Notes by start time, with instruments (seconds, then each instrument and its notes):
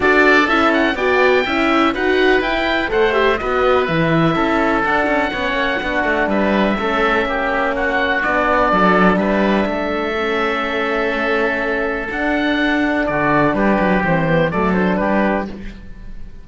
0.00 cello D4, horn F#4, oboe A4 D5
0.47 cello C#4, horn E4, oboe E5
0.73 oboe F#5
0.95 cello B3, horn F#4, oboe D5 G5
1.45 cello C#4, horn E4, oboe E5
1.93 cello D#4, horn F#4, oboe B4 F#5
2.40 cello E4, horn E4, oboe G5
2.88 cello A3, horn A4, oboe C5 F#5
3.12 horn G4, oboe E5
3.37 cello B3, horn F#4, oboe B4 D#5
3.85 cello E3, horn E4, oboe E5
4.35 cello C#4, oboe A4
4.83 horn D4, cello D4, oboe F#5
5.06 cello C#4
5.31 cello B3, horn C#4, oboe C#5
5.52 cello A#3
5.80 cello B3, horn D4, oboe F#4
6.04 cello A3
6.27 cello G3, oboe B4 E5
6.77 cello A3, horn C#4, oboe A4
7.25 cello A#3, oboe G4
7.75 oboe F#4 F#5
8.22 cello B3, horn D4, oboe D5
8.72 cello F#3, oboe A4
9.16 cello G3, oboe B4 E5
9.66 cello A3, oboe A4
10.17 horn C#4
12.09 horn D4, cello D4, oboe F#5
13.06 cello D3, oboe F#4 D5
13.54 cello G3, oboe G4 B4
13.79 cello F#3
14.03 cello E3, horn C4, oboe C5
14.27 horn B3
14.50 cello F#3, horn A3, oboe A4 D5
14.73 horn D4, oboe C5
14.95 cello G3, oboe G4 B4